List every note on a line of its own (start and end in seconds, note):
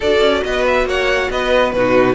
0.00 0.20 D4
0.00 1.76 F#4
0.00 0.42 A4
0.00 0.43 D5
0.20 0.42 C#4
0.43 0.85 B3
0.43 0.87 B4
0.43 0.65 D#5
0.66 0.88 E5
0.85 1.28 A#3
0.85 1.30 C#5
0.85 1.31 F#5
1.30 1.74 B3
1.30 1.75 B4
1.30 1.71 D#5
1.71 2.15 B2
1.71 2.15 D#4
1.71 2.15 F#4
1.71 2.15 B4